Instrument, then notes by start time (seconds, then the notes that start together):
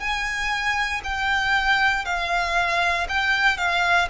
violin
0.00 G#5
1.04 G5
2.05 F5
3.09 G5
3.57 F5